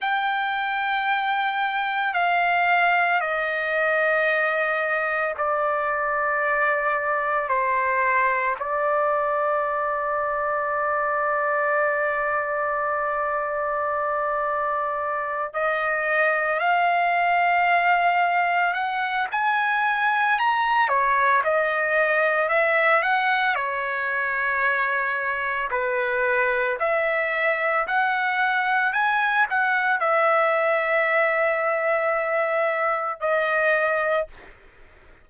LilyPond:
\new Staff \with { instrumentName = "trumpet" } { \time 4/4 \tempo 4 = 56 g''2 f''4 dis''4~ | dis''4 d''2 c''4 | d''1~ | d''2~ d''8 dis''4 f''8~ |
f''4. fis''8 gis''4 ais''8 cis''8 | dis''4 e''8 fis''8 cis''2 | b'4 e''4 fis''4 gis''8 fis''8 | e''2. dis''4 | }